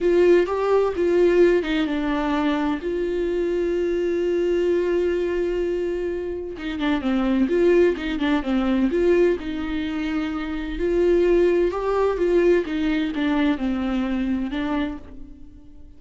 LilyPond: \new Staff \with { instrumentName = "viola" } { \time 4/4 \tempo 4 = 128 f'4 g'4 f'4. dis'8 | d'2 f'2~ | f'1~ | f'2 dis'8 d'8 c'4 |
f'4 dis'8 d'8 c'4 f'4 | dis'2. f'4~ | f'4 g'4 f'4 dis'4 | d'4 c'2 d'4 | }